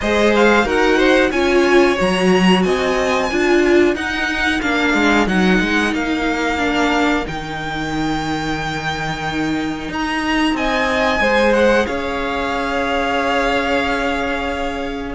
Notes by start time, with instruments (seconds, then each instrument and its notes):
0.00 cello G#3, viola G#4, violin C5 D#5
0.35 violin F5
0.65 cello D#4, viola F#4, violin A#4 F#5
0.97 violin C5
1.30 cello C#4, viola F4, violin C#5 G#5
1.96 cello F#3, viola F#4, violin A#5
2.62 cello C4, violin D#5 G#5
3.29 cello D4, viola F4, violin A#4
3.95 cello D#4, viola D#4, violin F#5
4.61 cello A#3, viola D4, violin F5
4.93 cello G#3
5.26 cello F#3, viola D#4, violin F#5
5.60 cello G#3
5.93 cello A#3, violin F5
6.58 viola D4
7.27 cello D#3, viola D#4, violin G5
9.88 cello D#4, violin A#5
10.53 cello C4, violin D#5 G#5
11.20 cello G#3, viola G#4, violin C5
11.53 violin F#5
11.86 cello C#4, violin C#5 F5